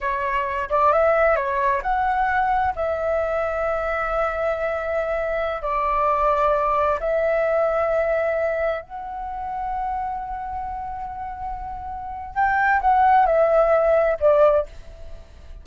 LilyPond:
\new Staff \with { instrumentName = "flute" } { \time 4/4 \tempo 4 = 131 cis''4. d''8 e''4 cis''4 | fis''2 e''2~ | e''1~ | e''16 d''2. e''8.~ |
e''2.~ e''16 fis''8.~ | fis''1~ | fis''2. g''4 | fis''4 e''2 d''4 | }